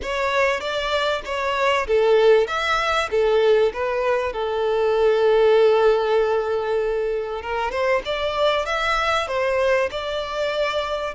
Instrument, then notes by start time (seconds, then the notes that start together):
violin
0.02 C#5
0.60 D5
1.25 C#5
1.87 A4
2.47 E5
3.10 A4
3.73 B4
4.32 A4
7.41 A#4
7.71 C5
8.05 D5
8.65 E5
9.27 C5
9.91 D5